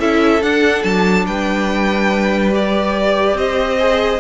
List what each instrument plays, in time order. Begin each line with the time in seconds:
0.00 cello C#4, viola E4, violin A4 E5
0.43 cello D4, viola D4, violin F#5
0.84 cello F#3, violin A5
1.27 cello G3, violin B4 G5
2.52 viola G4, violin D5
3.34 cello C4, violin C5 D#5
3.80 viola G#4